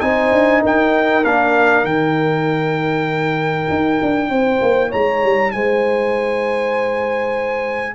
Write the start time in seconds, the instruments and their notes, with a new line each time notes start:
0.00 tuba C4, trombone D#4, horn C5, trumpet G#5
0.31 tuba D4
0.61 tuba D#4, horn A#4, trumpet G5
1.24 tuba A#3, trombone D4, trumpet F5
1.84 tuba D#3, trombone D#4, trumpet G5
3.69 tuba D#4
4.02 tuba D4
4.29 tuba C4, horn C5
4.61 tuba A#3
4.89 tuba G#3, horn C#5, trumpet A#5
5.23 tuba G3
5.51 tuba G#3, horn C5, trumpet G#5